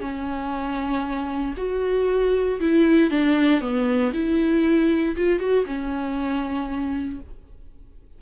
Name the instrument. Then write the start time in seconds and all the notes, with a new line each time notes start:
viola
0.00 C#4
1.57 F#4
2.60 E4
3.10 D4
3.61 B3
4.13 E4
5.16 F4
5.39 F#4
5.65 C#4